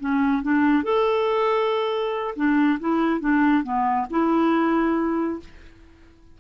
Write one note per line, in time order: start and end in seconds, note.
0.00 0.43 C#4
0.43 0.84 D4
0.84 2.35 A4
2.36 2.79 D4
2.80 3.20 E4
3.20 3.64 D4
3.64 4.07 B3
4.10 5.40 E4